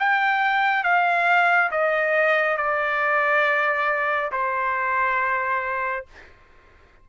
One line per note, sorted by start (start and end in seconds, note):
0.00 0.83 G5
0.83 1.70 F5
1.72 2.57 D#5
2.57 4.31 D5
4.32 6.06 C5